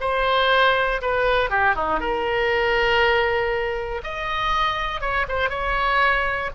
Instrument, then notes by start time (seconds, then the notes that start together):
oboe
0.00 C5
1.01 B4
1.50 G4
1.75 D#4
1.99 A#4
4.03 D#5
5.00 C#5
5.28 C5
5.49 C#5